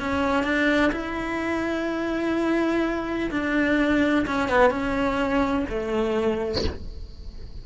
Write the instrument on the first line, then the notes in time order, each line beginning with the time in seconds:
cello
0.00 C#4
0.44 D4
0.93 E4
3.31 D4
4.27 C#4
4.49 B3
4.71 C#4
5.70 A3